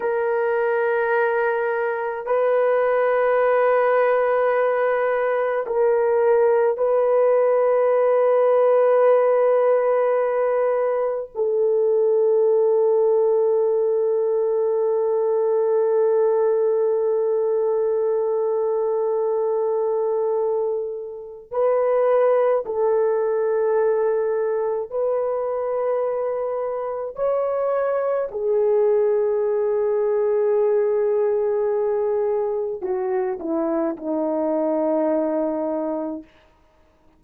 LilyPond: \new Staff \with { instrumentName = "horn" } { \time 4/4 \tempo 4 = 53 ais'2 b'2~ | b'4 ais'4 b'2~ | b'2 a'2~ | a'1~ |
a'2. b'4 | a'2 b'2 | cis''4 gis'2.~ | gis'4 fis'8 e'8 dis'2 | }